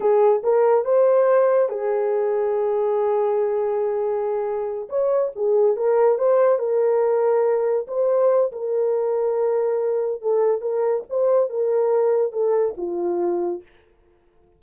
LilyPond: \new Staff \with { instrumentName = "horn" } { \time 4/4 \tempo 4 = 141 gis'4 ais'4 c''2 | gis'1~ | gis'2.~ gis'8 cis''8~ | cis''8 gis'4 ais'4 c''4 ais'8~ |
ais'2~ ais'8 c''4. | ais'1 | a'4 ais'4 c''4 ais'4~ | ais'4 a'4 f'2 | }